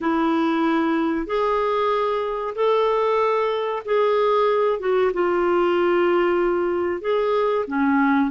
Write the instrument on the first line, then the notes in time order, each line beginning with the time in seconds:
clarinet
0.01 E4
1.26 G#4
2.55 A4
3.85 G#4
4.79 F#4
5.13 F4
7.01 G#4
7.67 C#4